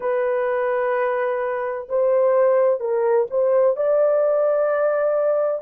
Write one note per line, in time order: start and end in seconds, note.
0.00 1.87 B4
1.88 2.80 C5
2.80 3.26 A#4
3.30 3.76 C5
3.76 5.62 D5